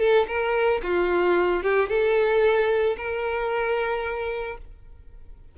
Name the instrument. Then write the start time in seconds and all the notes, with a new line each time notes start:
violin
0.00 A4
0.28 A#4
0.83 F4
1.63 G4
1.89 A4
2.97 A#4